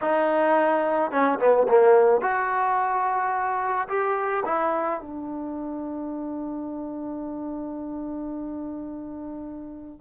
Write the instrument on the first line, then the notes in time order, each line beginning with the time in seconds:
trombone
0.01 D#4
1.11 C#4
1.39 B3
1.68 A#3
2.21 F#4
3.88 G4
4.45 E4
5.00 D4